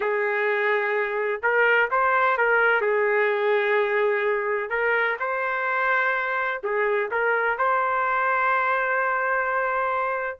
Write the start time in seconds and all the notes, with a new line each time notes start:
0.00 G#4
1.42 A#4
1.90 C5
2.37 A#4
2.81 G#4
4.69 A#4
5.19 C5
6.63 G#4
7.11 A#4
7.57 C5